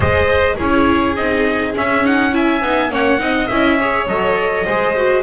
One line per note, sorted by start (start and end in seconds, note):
0.00 0.55 G#3
0.00 0.56 G#4
0.00 0.55 C5
0.00 0.59 D#5
0.55 1.16 C#4
0.55 1.15 E4
0.55 2.30 G#4
0.55 1.16 C#5
1.15 1.74 C4
1.15 1.74 D#4
1.15 1.74 D#5
1.74 2.03 C#4
1.74 2.61 C#4
1.74 2.05 E5
2.03 2.31 D#4
2.03 2.34 F#5
2.31 2.60 E4
2.31 2.91 E5
2.31 2.92 G#5
2.61 2.90 B3
2.61 2.90 D#4
2.90 3.19 A#3
2.90 3.18 C#4
2.90 3.20 C#5
2.90 3.47 F#5
3.18 3.48 C4
3.18 3.47 D#4
3.18 3.79 D#5
3.47 4.06 C#4
3.47 3.80 E4
3.47 4.05 E5
3.79 4.07 G#4
3.79 4.65 C#5
4.06 4.65 F#3
4.06 4.66 A4
4.06 5.22 D#5
4.65 5.22 G#3
4.65 4.96 G#4
4.65 5.22 C5
4.96 5.22 F#4